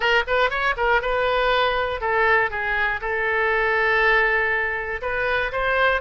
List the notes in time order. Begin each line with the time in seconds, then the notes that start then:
0.00 A#4
0.27 B4
0.50 C#5
0.77 A#4
1.01 B4
2.00 A4
2.50 G#4
3.01 A4
5.01 B4
5.51 C5